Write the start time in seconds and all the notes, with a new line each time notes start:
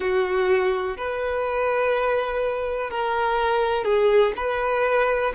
0.00 F#4
0.97 B4
2.90 A#4
3.84 G#4
4.36 B4